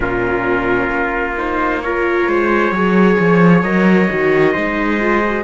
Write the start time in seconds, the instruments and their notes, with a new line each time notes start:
0.00 cello A#2, viola C#4, trumpet F4 A#4
0.91 cello A#3
1.37 viola D#4, trumpet C5
1.81 viola F4, trumpet A#4 C#5
2.27 cello G#3, trumpet C5
2.71 cello F#3, viola G#4, trumpet C#5
3.19 cello F3
3.62 cello F#3, viola A#4, trumpet D#5
4.09 cello D#3, viola F#4
4.52 cello G#3, viola D#4, trumpet C5
5.00 viola F4
5.25 viola F#4